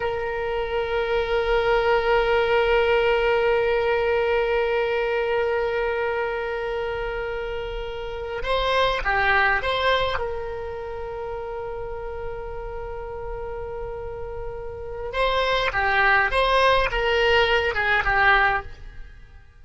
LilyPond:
\new Staff \with { instrumentName = "oboe" } { \time 4/4 \tempo 4 = 103 ais'1~ | ais'1~ | ais'1~ | ais'2~ ais'8 c''4 g'8~ |
g'8 c''4 ais'2~ ais'8~ | ais'1~ | ais'2 c''4 g'4 | c''4 ais'4. gis'8 g'4 | }